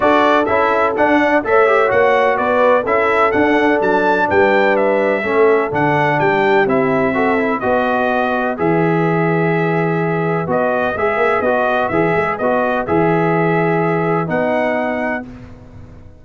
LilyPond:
<<
  \new Staff \with { instrumentName = "trumpet" } { \time 4/4 \tempo 4 = 126 d''4 e''4 fis''4 e''4 | fis''4 d''4 e''4 fis''4 | a''4 g''4 e''2 | fis''4 g''4 e''2 |
dis''2 e''2~ | e''2 dis''4 e''4 | dis''4 e''4 dis''4 e''4~ | e''2 fis''2 | }
  \new Staff \with { instrumentName = "horn" } { \time 4/4 a'2~ a'8 d''8 cis''4~ | cis''4 b'4 a'2~ | a'4 b'2 a'4~ | a'4 g'2 a'4 |
b'1~ | b'1~ | b'1~ | b'1 | }
  \new Staff \with { instrumentName = "trombone" } { \time 4/4 fis'4 e'4 d'4 a'8 g'8 | fis'2 e'4 d'4~ | d'2. cis'4 | d'2 e'4 fis'8 e'8 |
fis'2 gis'2~ | gis'2 fis'4 gis'4 | fis'4 gis'4 fis'4 gis'4~ | gis'2 dis'2 | }
  \new Staff \with { instrumentName = "tuba" } { \time 4/4 d'4 cis'4 d'4 a4 | ais4 b4 cis'4 d'4 | fis4 g2 a4 | d4 g4 c'2 |
b2 e2~ | e2 b4 gis8 ais8 | b4 e8 gis8 b4 e4~ | e2 b2 | }
>>